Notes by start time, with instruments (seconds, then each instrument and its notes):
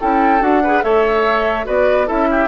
0.00 bassoon C#4, clarinet E4, oboe A4, flute G5
0.40 bassoon D4, clarinet F#4, flute F#5
0.63 clarinet G#4, oboe B4
0.82 bassoon A3, clarinet A4, oboe C#5, flute E5
1.64 bassoon B3, clarinet F#4, oboe B4, flute D5
2.06 bassoon C#4, clarinet E4, oboe A4, flute E5
2.31 oboe G4